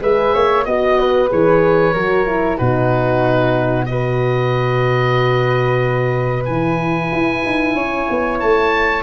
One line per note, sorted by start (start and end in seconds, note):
0.00 0.33 G#3
0.00 0.65 G#4
0.00 0.34 B4
0.00 0.65 E5
0.34 0.66 A#3
0.34 0.66 C#5
0.65 1.31 B3
0.65 1.29 F#4
0.65 1.29 D#5
0.65 0.99 D#5
0.99 1.93 B4
1.29 1.94 E3
1.29 1.94 G#4
1.29 2.57 C#5
1.93 2.58 F#3
1.93 2.26 F#4
1.93 2.58 A#4
2.26 2.58 E4
2.57 6.47 B2
2.57 3.87 D#4
2.57 3.87 F#4
2.57 3.85 B4
3.85 6.47 F#4
3.85 7.75 B4
3.85 6.44 D#5
6.45 7.11 E3
6.45 9.03 E4
6.45 8.38 G#5
7.12 7.44 E4
7.45 7.74 D#4
7.74 8.07 C#4
7.74 9.03 C#5
8.09 8.42 B3
8.40 9.03 A3
8.40 9.03 A5